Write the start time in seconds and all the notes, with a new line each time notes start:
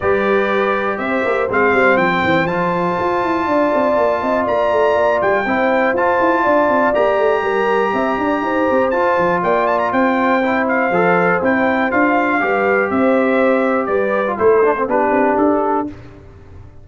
0.00 G3 G4 B4 D5
0.97 C4 C5 E5
1.24 A#3
1.49 G#3 C4 F5
1.73 G3
1.96 F3 G5
2.24 E3
2.45 F3 F4 A5
2.99 F4
3.23 E4
3.46 D4 D5
3.74 C4
3.97 A#3
4.21 C4 D#5
4.44 A#3 D5 A#5
4.71 A3
4.95 A#3
5.21 G3 G5
5.45 C4 E4 C5
5.93 F4 A5
6.20 E4
6.42 D4 D5
6.68 C4
6.94 A#3 G4 A#5
7.18 A3
7.42 G3 A#4
7.92 C4 E5
8.17 D4 D5
8.41 D#4 C5
8.70 C4
8.90 F4 A5
9.18 F3
9.42 A#3 D5 G5
9.66 A5
9.78 A#5
9.92 C4 C5 G5
10.42 E4
10.68 F5
10.91 F3 A4
11.42 C4 E4 G5
11.91 D4 F4 F5
12.40 G3 G4 B4
12.90 C4 C5 E5
13.86 G3 B4 D5
14.26 F4
14.37 A3 E4 A4 C5
14.63 D4
14.76 C4
14.87 B3 D4 G4 B4
15.10 C4
15.37 D4 A4